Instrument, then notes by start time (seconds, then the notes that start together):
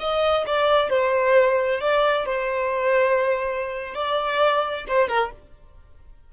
violin
0.00 D#5
0.47 D5
0.90 C5
1.81 D5
2.26 C5
3.95 D5
4.88 C5
5.09 A#4